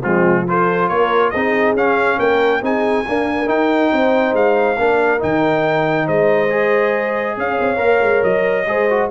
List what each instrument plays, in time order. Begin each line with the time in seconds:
0.00 tuba F3, trombone G#3, horn C4, trumpet F4
0.47 trombone F4, horn A4, trumpet C5
0.89 tuba A#3, horn A#4, trumpet C#5
1.30 tuba C4, trombone D#4, horn G#4, trumpet D#5
1.74 tuba C#4, trombone C#4, trumpet F5
2.17 tuba A#3, horn A#4, trumpet G5
2.62 tuba C4, trombone D#4, horn G#4, trumpet G#5
3.07 trombone A#3, tuba D4, horn A#4
3.46 trombone D#4, tuba D#4, trumpet G5
3.92 tuba C4, horn C5
4.33 tuba G#3, trumpet F5
4.78 tuba A#3, trombone D4, horn A#4
5.19 tuba D#3, trombone D#4, trumpet G5
6.05 tuba G#3, horn C5, trumpet D#5
6.49 trombone G#4
7.37 tuba C#4, horn C#5, trumpet F5
7.60 tuba C4
7.77 tuba A#3, trombone A#4
8.01 tuba G#3
8.23 tuba F#3, trumpet D#5
8.66 tuba G#3, trombone G#4, horn C5
8.90 trombone F#4